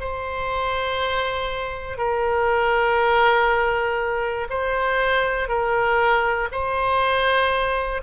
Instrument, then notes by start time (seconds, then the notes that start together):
oboe
0.00 C5
1.98 A#4
4.50 C5
5.48 A#4
6.51 C5